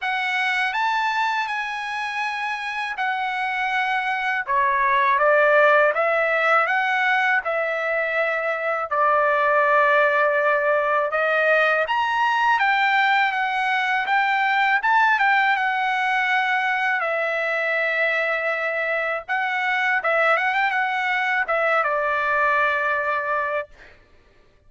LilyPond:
\new Staff \with { instrumentName = "trumpet" } { \time 4/4 \tempo 4 = 81 fis''4 a''4 gis''2 | fis''2 cis''4 d''4 | e''4 fis''4 e''2 | d''2. dis''4 |
ais''4 g''4 fis''4 g''4 | a''8 g''8 fis''2 e''4~ | e''2 fis''4 e''8 fis''16 g''16 | fis''4 e''8 d''2~ d''8 | }